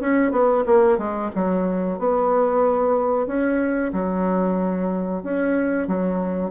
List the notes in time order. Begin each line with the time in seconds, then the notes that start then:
0.00 C#4
0.31 B3
0.66 A#3
0.98 G#3
1.35 F#3
1.98 B3
3.26 C#4
3.92 F#3
5.23 C#4
5.87 F#3